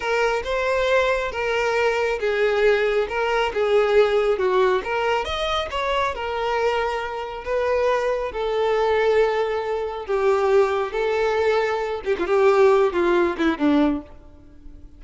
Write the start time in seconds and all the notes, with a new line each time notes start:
0.00 A#4
0.44 C5
1.31 A#4
2.19 G#4
3.08 A#4
3.53 G#4
4.38 F#4
4.84 A#4
5.24 D#5
5.71 C#5
6.15 A#4
7.44 B4
8.32 A4
10.06 G4
10.92 A4
12.05 G4
12.18 F4
12.26 G4
12.93 F4
13.37 E4
13.57 D4